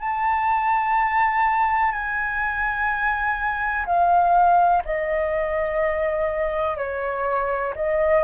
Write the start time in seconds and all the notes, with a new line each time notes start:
0.00 A5
1.92 G#5
3.86 F5
4.85 D#5
6.77 C#5
7.76 D#5